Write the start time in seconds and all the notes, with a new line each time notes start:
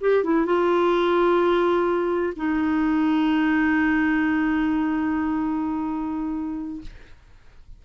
0.00 G4
0.23 E4
0.46 F4
2.36 D#4